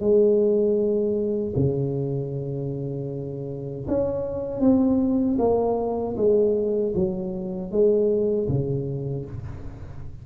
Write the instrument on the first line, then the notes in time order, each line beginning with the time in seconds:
tuba
0.00 G#3
1.56 C#3
3.88 C#4
4.60 C4
5.38 A#3
6.16 G#3
6.95 F#3
7.71 G#3
8.48 C#3